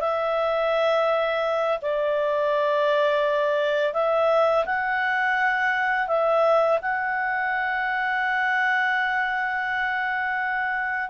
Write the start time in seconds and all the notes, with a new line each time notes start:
0.00 E5
1.81 D5
3.93 E5
4.65 F#5
6.07 E5
6.81 F#5